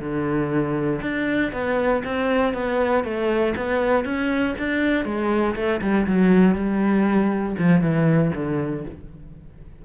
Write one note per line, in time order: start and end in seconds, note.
0.00 1.01 D3
1.01 1.52 D4
1.52 2.03 B3
2.04 2.53 C4
2.53 3.04 B3
3.04 3.54 A3
3.56 4.05 B3
4.05 4.55 C#4
4.58 5.05 D4
5.05 5.55 G#3
5.56 5.81 A3
5.81 6.06 G3
6.07 6.55 F#3
6.55 7.56 G3
7.58 7.81 F3
7.81 8.31 E3
8.35 8.85 D3